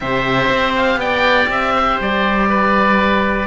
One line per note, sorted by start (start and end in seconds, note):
0.00 0.49 C3
0.00 3.46 G4
0.00 0.99 C5
0.00 0.72 E5
0.49 0.96 C4
0.76 1.00 F5
0.96 1.46 B3
0.96 1.73 D5
0.96 1.49 G5
1.48 1.97 C4
1.48 2.00 E5
1.76 2.49 C5
2.00 3.46 G3
2.00 3.46 D5
2.49 3.46 B4